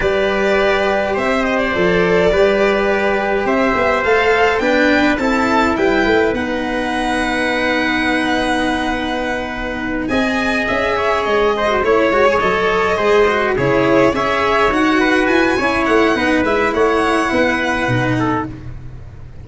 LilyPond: <<
  \new Staff \with { instrumentName = "violin" } { \time 4/4 \tempo 4 = 104 d''2 e''8 dis''16 d''4~ d''16~ | d''2 e''4 f''4 | g''4 a''4 g''4 fis''4~ | fis''1~ |
fis''4. gis''4 e''4 dis''8~ | dis''8 cis''4 dis''2 cis''8~ | cis''8 e''4 fis''4 gis''4 fis''8~ | fis''8 e''8 fis''2. | }
  \new Staff \with { instrumentName = "trumpet" } { \time 4/4 b'2 c''2 | b'2 c''2 | b'4 a'4 b'2~ | b'1~ |
b'4. dis''4. cis''4 | c''8 cis''2 c''4 gis'8~ | gis'8 cis''4. b'4 cis''4 | b'4 cis''4 b'4. a'8 | }
  \new Staff \with { instrumentName = "cello" } { \time 4/4 g'2. a'4 | g'2. a'4 | d'4 e'2 dis'4~ | dis'1~ |
dis'4. gis'2~ gis'8~ | gis'16 fis'16 e'8 fis'16 gis'16 a'4 gis'8 fis'8 e'8~ | e'8 gis'4 fis'4. e'4 | dis'8 e'2~ e'8 dis'4 | }
  \new Staff \with { instrumentName = "tuba" } { \time 4/4 g2 c'4 f4 | g2 c'8 b8 a4 | b4 c'4 g8 a8 b4~ | b1~ |
b4. c'4 cis'4 gis8~ | gis8 a8 gis8 fis4 gis4 cis8~ | cis8 cis'4 dis'4 e'8 cis'8 a8 | b8 gis8 a4 b4 b,4 | }
>>